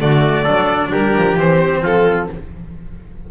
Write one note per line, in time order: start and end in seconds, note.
0.00 0.46 D3
0.00 0.46 A3
0.00 0.44 F#4
0.00 0.92 D5
0.44 0.93 F#3
0.44 1.37 D4
0.44 0.90 A4
0.92 1.17 G3
0.92 1.84 G4
0.92 1.38 A#4
1.18 1.37 F3
1.37 1.82 E3
1.37 2.29 C4
1.37 1.85 C5
1.82 2.28 F3
1.82 2.29 F4
1.82 2.31 A4